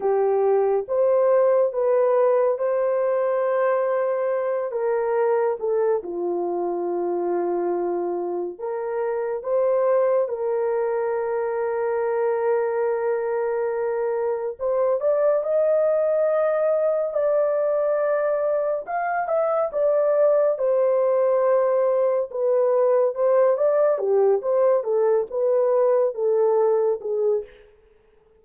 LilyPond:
\new Staff \with { instrumentName = "horn" } { \time 4/4 \tempo 4 = 70 g'4 c''4 b'4 c''4~ | c''4. ais'4 a'8 f'4~ | f'2 ais'4 c''4 | ais'1~ |
ais'4 c''8 d''8 dis''2 | d''2 f''8 e''8 d''4 | c''2 b'4 c''8 d''8 | g'8 c''8 a'8 b'4 a'4 gis'8 | }